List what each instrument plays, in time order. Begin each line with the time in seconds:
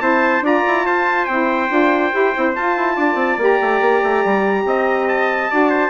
0.00 bassoon C4, saxophone E4, trumpet C5 A5
0.41 bassoon D4, saxophone F4, trumpet D5 A#5
0.67 bassoon E4
0.86 bassoon F4, trumpet C5 A5
1.25 bassoon C4, saxophone E4, trumpet G5
1.70 bassoon D4, saxophone F4
2.12 bassoon E4, saxophone G4
2.34 bassoon C4, saxophone E4
2.56 bassoon F4, saxophone F4, trumpet A5
2.77 bassoon E4
2.96 bassoon D4, trumpet D5
3.15 bassoon C4
3.38 bassoon A#3, saxophone G4, trumpet A#5
3.62 bassoon A3
3.81 bassoon A#3
4.03 bassoon A3
4.25 bassoon G3
4.65 bassoon C4, trumpet D#5
5.09 trumpet A5
5.50 bassoon D4, saxophone F#4, trumpet D5
5.70 trumpet C5